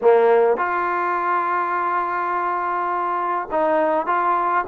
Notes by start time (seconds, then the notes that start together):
0.01 A#3
0.57 F4
3.51 D#4
4.06 F4